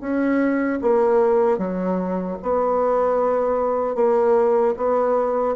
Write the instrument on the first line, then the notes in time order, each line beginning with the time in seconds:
bassoon
0.00 C#4
0.81 A#3
1.58 F#3
2.42 B3
3.95 A#3
4.77 B3